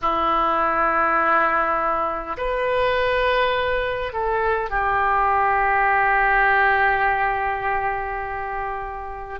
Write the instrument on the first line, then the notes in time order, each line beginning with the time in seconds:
oboe
0.01 E4
2.37 B4
4.12 A4
4.70 G4